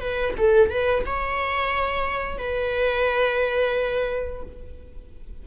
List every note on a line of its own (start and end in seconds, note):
0.00 0.34 B4
0.37 0.70 A4
0.70 1.04 B4
1.06 2.38 C#5
2.38 4.42 B4